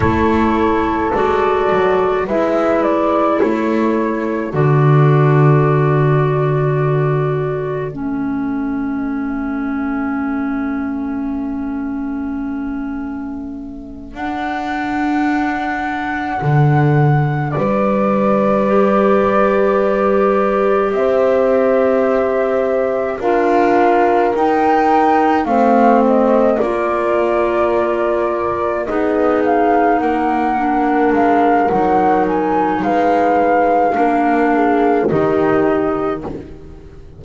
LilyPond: <<
  \new Staff \with { instrumentName = "flute" } { \time 4/4 \tempo 4 = 53 cis''4 d''4 e''8 d''8 cis''4 | d''2. e''4~ | e''1~ | e''8 fis''2. d''8~ |
d''2~ d''8 e''4.~ | e''8 f''4 g''4 f''8 dis''8 d''8~ | d''4. dis''8 f''8 fis''4 f''8 | fis''8 gis''8 f''2 dis''4 | }
  \new Staff \with { instrumentName = "horn" } { \time 4/4 a'2 b'4 a'4~ | a'1~ | a'1~ | a'2.~ a'8 b'8~ |
b'2~ b'8 c''4.~ | c''8 ais'2 c''4 ais'8~ | ais'4. gis'4 ais'4.~ | ais'4 b'4 ais'8 gis'8 g'4 | }
  \new Staff \with { instrumentName = "clarinet" } { \time 4/4 e'4 fis'4 e'2 | fis'2. cis'4~ | cis'1~ | cis'8 d'2.~ d'8~ |
d'8 g'2.~ g'8~ | g'8 f'4 dis'4 c'4 f'8~ | f'4. dis'4. d'4 | dis'2 d'4 dis'4 | }
  \new Staff \with { instrumentName = "double bass" } { \time 4/4 a4 gis8 fis8 gis4 a4 | d2. a4~ | a1~ | a8 d'2 d4 g8~ |
g2~ g8 c'4.~ | c'8 d'4 dis'4 a4 ais8~ | ais4. b4 ais4 gis8 | fis4 gis4 ais4 dis4 | }
>>